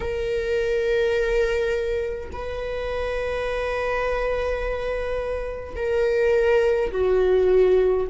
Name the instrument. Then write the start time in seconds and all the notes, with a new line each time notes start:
viola
0.00 A#4
2.32 B4
5.75 A#4
6.91 F#4